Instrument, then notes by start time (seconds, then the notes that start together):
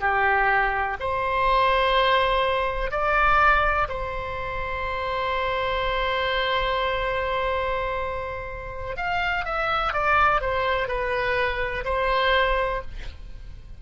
oboe
0.00 G4
1.00 C5
2.91 D5
3.88 C5
8.97 F5
9.45 E5
9.93 D5
10.41 C5
10.88 B4
11.85 C5